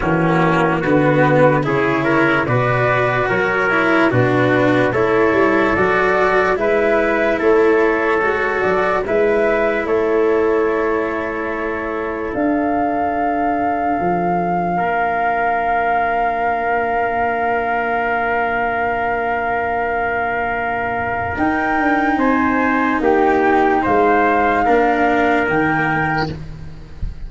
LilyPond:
<<
  \new Staff \with { instrumentName = "flute" } { \time 4/4 \tempo 4 = 73 fis'4 b'4 cis''4 d''4 | cis''4 b'4 cis''4 d''4 | e''4 cis''4. d''8 e''4 | cis''2. f''4~ |
f''1~ | f''1~ | f''2 g''4 gis''4 | g''4 f''2 g''4 | }
  \new Staff \with { instrumentName = "trumpet" } { \time 4/4 cis'4 fis'4 gis'8 ais'8 b'4 | ais'4 fis'4 a'2 | b'4 a'2 b'4 | a'1~ |
a'2 ais'2~ | ais'1~ | ais'2. c''4 | g'4 c''4 ais'2 | }
  \new Staff \with { instrumentName = "cello" } { \time 4/4 ais4 b4 e'4 fis'4~ | fis'8 e'8 d'4 e'4 fis'4 | e'2 fis'4 e'4~ | e'2. d'4~ |
d'1~ | d'1~ | d'2 dis'2~ | dis'2 d'4 ais4 | }
  \new Staff \with { instrumentName = "tuba" } { \time 4/4 e4 d4 cis4 b,4 | fis4 b,4 a8 g8 fis4 | gis4 a4 gis8 fis8 gis4 | a2. d'4~ |
d'4 f4 ais2~ | ais1~ | ais2 dis'8 d'8 c'4 | ais4 gis4 ais4 dis4 | }
>>